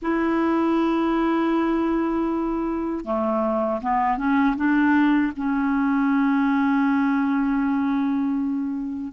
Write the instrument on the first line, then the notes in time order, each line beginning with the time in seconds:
clarinet
0.02 E4
3.04 A3
3.81 B3
4.17 C#4
4.56 D4
5.36 C#4